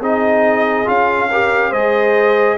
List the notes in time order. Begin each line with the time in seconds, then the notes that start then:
0.00 C4 D#4 G#4 D#5
0.85 C#4 F4 F5
1.29 G4 A#4
1.69 G#3 G#4 C5 D#5